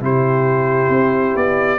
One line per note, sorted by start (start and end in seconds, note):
0.00 0.89 C3
0.00 1.78 E4
0.00 1.78 G4
0.00 1.37 C5
0.89 1.34 C4
1.35 1.78 B3
1.35 1.78 D5